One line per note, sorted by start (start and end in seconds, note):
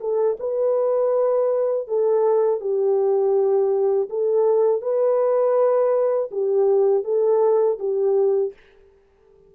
0.00 0.37 A4
0.39 1.87 B4
1.87 2.60 A4
2.60 4.08 G4
4.09 4.81 A4
4.81 6.29 B4
6.31 7.04 G4
7.04 7.78 A4
7.79 8.53 G4